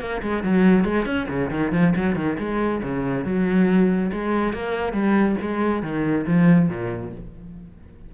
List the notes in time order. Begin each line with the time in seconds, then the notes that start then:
0.00 A#3
0.22 G#3
0.43 F#3
0.84 G#3
1.06 C#4
1.29 C#3
1.50 D#3
1.72 F3
1.96 F#3
2.16 D#3
2.39 G#3
2.83 C#3
3.25 F#3
4.12 G#3
4.53 A#3
4.93 G3
5.42 G#3
5.83 D#3
6.27 F3
6.69 A#2